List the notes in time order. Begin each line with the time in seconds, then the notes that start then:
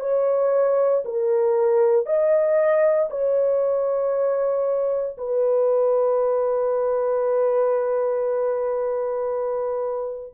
0.00 C#5
1.05 A#4
2.06 D#5
3.10 C#5
5.18 B4